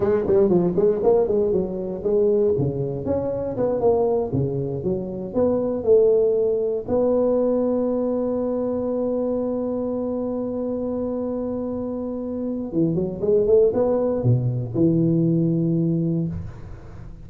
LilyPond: \new Staff \with { instrumentName = "tuba" } { \time 4/4 \tempo 4 = 118 gis8 g8 f8 gis8 ais8 gis8 fis4 | gis4 cis4 cis'4 b8 ais8~ | ais8 cis4 fis4 b4 a8~ | a4. b2~ b8~ |
b1~ | b1~ | b4 e8 fis8 gis8 a8 b4 | b,4 e2. | }